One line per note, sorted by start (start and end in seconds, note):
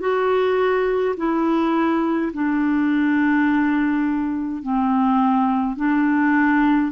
0.00 1.15 F#4
1.16 2.32 E4
2.33 4.62 D4
4.62 5.76 C4
5.76 6.91 D4